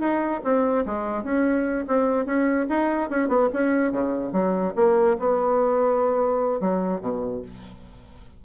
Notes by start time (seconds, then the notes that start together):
0.00 D#4
0.44 C4
0.86 G#3
1.24 C#4
1.88 C4
2.26 C#4
2.70 D#4
3.10 C#4
3.29 B3
3.54 C#4
3.92 C#3
4.33 F#3
4.76 A#3
5.19 B3
6.61 F#3
7.01 B2